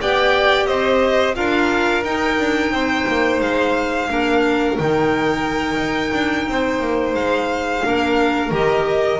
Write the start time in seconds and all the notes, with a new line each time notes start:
0.00 B3 G4 D5 G5
0.67 C4 C5 D#5
1.35 D4 F4 A#4 F5
2.04 D#4 G5
2.39 D4
2.71 C4 C5
3.08 A#3
3.41 G#3 F5
4.08 A#3 D4 A#4
4.77 D#3 D#4 G5
5.77 D#4
6.13 D4
6.48 C4 C5
6.80 A#3
7.14 G#3 F5
7.83 A#3 D4 A#4
8.51 D#3 G4 D#5